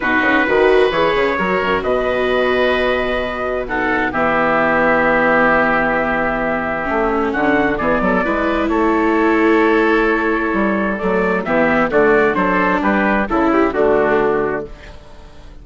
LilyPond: <<
  \new Staff \with { instrumentName = "trumpet" } { \time 4/4 \tempo 4 = 131 b'2 cis''2 | dis''1 | fis''4 e''2.~ | e''1 |
fis''4 d''2 cis''4~ | cis''1 | d''4 e''4 d''4 c''4 | b'4 a'8 g'8 fis'2 | }
  \new Staff \with { instrumentName = "oboe" } { \time 4/4 fis'4 b'2 ais'4 | b'1 | a'4 g'2.~ | g'1 |
fis'4 gis'8 a'8 b'4 a'4~ | a'1~ | a'4 g'4 fis'4 a'4 | g'4 e'4 d'2 | }
  \new Staff \with { instrumentName = "viola" } { \time 4/4 dis'4 fis'4 gis'4 fis'4~ | fis'1 | dis'4 b2.~ | b2. cis'4~ |
cis'4 b4 e'2~ | e'1 | a4 b4 a4 d'4~ | d'4 e'4 a2 | }
  \new Staff \with { instrumentName = "bassoon" } { \time 4/4 b,8 cis8 dis4 e8 cis8 fis8 fis,8 | b,1~ | b,4 e2.~ | e2. a4 |
d4 e8 fis8 gis4 a4~ | a2. g4 | fis4 e4 d4 fis4 | g4 cis4 d2 | }
>>